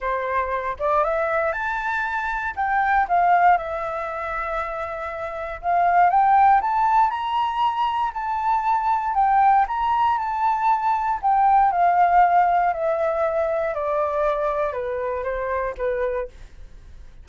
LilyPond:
\new Staff \with { instrumentName = "flute" } { \time 4/4 \tempo 4 = 118 c''4. d''8 e''4 a''4~ | a''4 g''4 f''4 e''4~ | e''2. f''4 | g''4 a''4 ais''2 |
a''2 g''4 ais''4 | a''2 g''4 f''4~ | f''4 e''2 d''4~ | d''4 b'4 c''4 b'4 | }